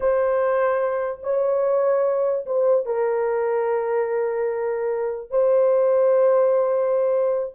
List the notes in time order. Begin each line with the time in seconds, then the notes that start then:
0.00 C5
1.23 C#5
2.46 C5
2.85 A#4
5.30 C5